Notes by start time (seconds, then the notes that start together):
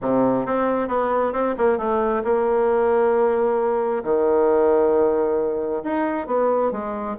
0.01 C3
0.46 C4
0.88 B3
1.32 C4
1.57 A#3
1.78 A3
2.24 A#3
4.03 D#3
5.83 D#4
6.26 B3
6.71 G#3